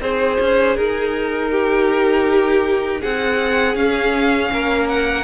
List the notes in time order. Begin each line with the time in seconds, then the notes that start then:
0.00 C4 D#4 G#4 C5
0.40 C#4
0.77 D#4 A#4
1.51 G4
3.01 C4 G#4 F#5
3.75 C#4 F5
4.52 A#3 A#4
4.89 F#5